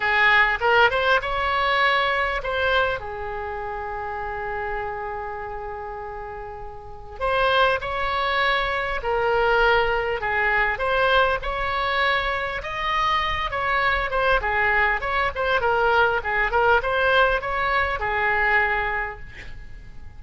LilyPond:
\new Staff \with { instrumentName = "oboe" } { \time 4/4 \tempo 4 = 100 gis'4 ais'8 c''8 cis''2 | c''4 gis'2.~ | gis'1 | c''4 cis''2 ais'4~ |
ais'4 gis'4 c''4 cis''4~ | cis''4 dis''4. cis''4 c''8 | gis'4 cis''8 c''8 ais'4 gis'8 ais'8 | c''4 cis''4 gis'2 | }